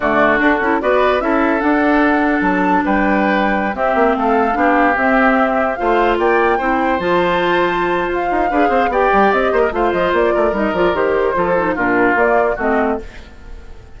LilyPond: <<
  \new Staff \with { instrumentName = "flute" } { \time 4/4 \tempo 4 = 148 d''4 a'4 d''4 e''4 | fis''2 a''4 g''4~ | g''4~ g''16 e''4 f''4.~ f''16~ | f''16 e''2 f''4 g''8.~ |
g''4~ g''16 a''2~ a''8. | f''2 g''4 dis''4 | f''8 dis''8 d''4 dis''8 d''8 c''4~ | c''4 ais'4 d''4 dis''4 | }
  \new Staff \with { instrumentName = "oboe" } { \time 4/4 fis'2 b'4 a'4~ | a'2. b'4~ | b'4~ b'16 g'4 a'4 g'8.~ | g'2~ g'16 c''4 d''8.~ |
d''16 c''2.~ c''8.~ | c''4 b'8 c''8 d''4. c''16 ais'16 | c''4. ais'2~ ais'8 | a'4 f'2 fis'4 | }
  \new Staff \with { instrumentName = "clarinet" } { \time 4/4 a4 d'8 e'8 fis'4 e'4 | d'1~ | d'4~ d'16 c'2 d'8.~ | d'16 c'2 f'4.~ f'16~ |
f'16 e'4 f'2~ f'8.~ | f'4 gis'4 g'2 | f'2 dis'8 f'8 g'4 | f'8 dis'8 d'4 ais4 c'4 | }
  \new Staff \with { instrumentName = "bassoon" } { \time 4/4 d4 d'8 cis'8 b4 cis'4 | d'2 fis4 g4~ | g4~ g16 c'8 ais8 a4 b8.~ | b16 c'2 a4 ais8.~ |
ais16 c'4 f2~ f8. | f'8 dis'8 d'8 c'8 b8 g8 c'8 ais8 | a8 f8 ais8 a8 g8 f8 dis4 | f4 ais,4 ais4 a4 | }
>>